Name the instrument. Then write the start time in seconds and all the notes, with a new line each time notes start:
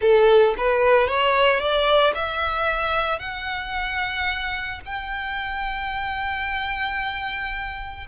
violin
0.01 A4
0.57 B4
1.07 C#5
1.59 D5
2.15 E5
3.19 F#5
4.85 G5